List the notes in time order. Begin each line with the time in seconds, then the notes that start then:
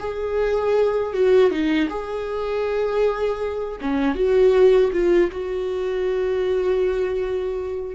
0.00 G#4
1.14 F#4
1.51 D#4
1.90 G#4
3.81 C#4
4.15 F#4
4.93 F4
5.32 F#4